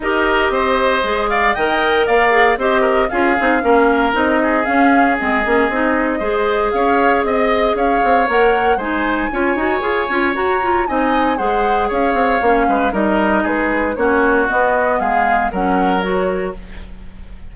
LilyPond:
<<
  \new Staff \with { instrumentName = "flute" } { \time 4/4 \tempo 4 = 116 dis''2~ dis''8 f''8 g''4 | f''4 dis''4 f''2 | dis''4 f''4 dis''2~ | dis''4 f''4 dis''4 f''4 |
fis''4 gis''2. | ais''4 gis''4 fis''4 f''4~ | f''4 dis''4 b'4 cis''4 | dis''4 f''4 fis''4 cis''4 | }
  \new Staff \with { instrumentName = "oboe" } { \time 4/4 ais'4 c''4. d''8 dis''4 | d''4 c''8 ais'8 gis'4 ais'4~ | ais'8 gis'2.~ gis'8 | c''4 cis''4 dis''4 cis''4~ |
cis''4 c''4 cis''2~ | cis''4 dis''4 c''4 cis''4~ | cis''8 b'8 ais'4 gis'4 fis'4~ | fis'4 gis'4 ais'2 | }
  \new Staff \with { instrumentName = "clarinet" } { \time 4/4 g'2 gis'4 ais'4~ | ais'8 gis'8 g'4 f'8 dis'8 cis'4 | dis'4 cis'4 c'8 cis'8 dis'4 | gis'1 |
ais'4 dis'4 f'8 fis'8 gis'8 f'8 | fis'8 f'8 dis'4 gis'2 | cis'4 dis'2 cis'4 | b2 cis'4 fis'4 | }
  \new Staff \with { instrumentName = "bassoon" } { \time 4/4 dis'4 c'4 gis4 dis4 | ais4 c'4 cis'8 c'8 ais4 | c'4 cis'4 gis8 ais8 c'4 | gis4 cis'4 c'4 cis'8 c'8 |
ais4 gis4 cis'8 dis'8 f'8 cis'8 | fis'4 c'4 gis4 cis'8 c'8 | ais8 gis8 g4 gis4 ais4 | b4 gis4 fis2 | }
>>